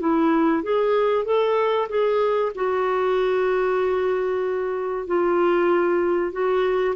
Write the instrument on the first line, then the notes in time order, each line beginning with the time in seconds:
clarinet
0.00 E4
0.63 G#4
1.25 A4
1.89 G#4
2.55 F#4
5.07 F4
6.32 F#4